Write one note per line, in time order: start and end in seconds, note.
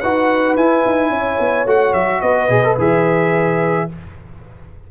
0.00 0.56 D#4
0.00 0.58 F#4
0.00 1.10 B4
0.00 0.55 F#5
0.56 0.83 E4
0.56 1.67 E4
0.56 1.66 G#5
0.85 1.10 D#4
1.10 1.37 C#4
1.10 2.21 C#5
1.39 1.65 B3
1.65 1.93 A3
1.65 2.49 F#4
1.65 1.93 F#5
1.93 2.21 F#3
1.93 2.21 E5
2.21 2.49 B3
2.21 3.87 B4
2.21 2.76 D#5
2.49 2.76 B2
2.49 2.63 G#4
2.63 2.77 A4
2.78 3.88 E3
2.78 3.89 G#4
2.78 3.91 E5